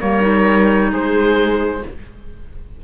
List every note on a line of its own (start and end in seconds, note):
0.00 0.92 G3
0.00 0.21 A#3
0.00 0.91 A#4
0.00 0.91 C#5
0.21 1.80 D#4
0.92 1.83 G#3
0.92 1.83 G#4
0.92 1.84 C5